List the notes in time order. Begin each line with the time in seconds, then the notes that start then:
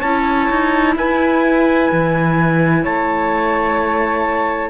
0.00 C#4 E4 C#5 A5
0.50 D#4
0.96 E4 B4 G#5
1.92 E3
2.83 A3 C#5 A5